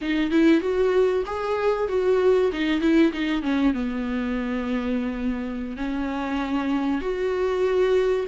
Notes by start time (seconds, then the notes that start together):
0.01 D#4
0.30 E4
0.61 F#4
1.26 G#4
1.88 F#4
2.52 D#4
2.80 E4
3.12 D#4
3.42 C#4
3.73 B3
5.77 C#4
7.01 F#4